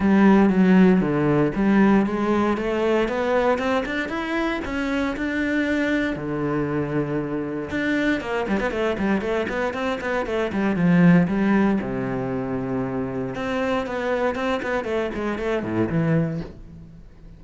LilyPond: \new Staff \with { instrumentName = "cello" } { \time 4/4 \tempo 4 = 117 g4 fis4 d4 g4 | gis4 a4 b4 c'8 d'8 | e'4 cis'4 d'2 | d2. d'4 |
ais8 g16 b16 a8 g8 a8 b8 c'8 b8 | a8 g8 f4 g4 c4~ | c2 c'4 b4 | c'8 b8 a8 gis8 a8 a,8 e4 | }